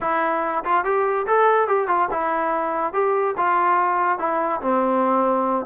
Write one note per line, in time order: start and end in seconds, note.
0.01 0.64 E4
0.64 0.84 F4
0.84 1.26 G4
1.26 1.67 A4
1.67 1.87 G4
1.87 2.08 F4
2.11 2.93 E4
2.93 3.35 G4
3.37 4.18 F4
4.18 4.60 E4
4.61 5.65 C4